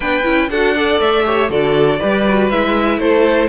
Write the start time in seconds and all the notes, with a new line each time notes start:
0.00 B3 D4 B4 G5
0.23 C#4 E4
0.49 D4 F#4 A4 F#5
0.74 A4 D5
0.99 A3 E5
1.24 G4 C#5
1.49 D3 F#4 A4 D5
1.99 G3 G4 B4
2.28 F#4
2.49 G#3 E4 E5
2.97 A3 A4 C5